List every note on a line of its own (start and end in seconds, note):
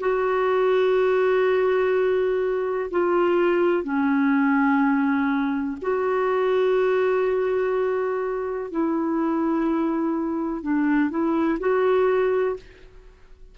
0.00 2.90 F#4
2.91 3.84 F4
3.84 5.77 C#4
5.82 8.71 F#4
8.71 10.62 E4
10.62 11.10 D4
11.10 11.59 E4
11.60 12.56 F#4